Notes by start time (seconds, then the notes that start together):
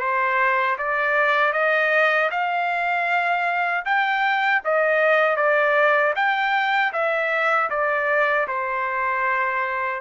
0.00 C5
0.78 D5
1.53 D#5
2.31 F5
3.85 G5
4.65 D#5
5.37 D5
6.16 G5
6.93 E5
7.70 D5
8.48 C5